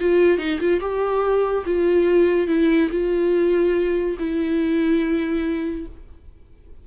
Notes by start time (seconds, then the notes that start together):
0.00 F4
0.38 D#4
0.60 F4
0.80 G4
1.66 F4
2.47 E4
2.91 F4
4.19 E4